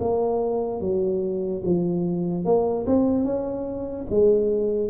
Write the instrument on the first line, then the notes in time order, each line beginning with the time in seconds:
tuba
0.00 A#3
0.80 F#3
1.64 F3
2.44 A#3
2.86 C4
3.24 C#4
4.10 G#3